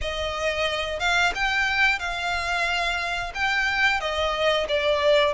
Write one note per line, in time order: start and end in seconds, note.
0.01 0.99 D#5
0.99 1.32 F5
1.35 1.99 G5
1.99 3.32 F5
3.34 4.00 G5
4.00 4.67 D#5
4.68 5.33 D5